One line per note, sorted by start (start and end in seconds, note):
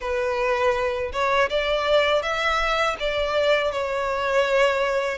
0.00 1.11 B4
1.12 1.49 C#5
1.49 2.22 D5
2.22 2.96 E5
2.99 3.72 D5
3.72 5.18 C#5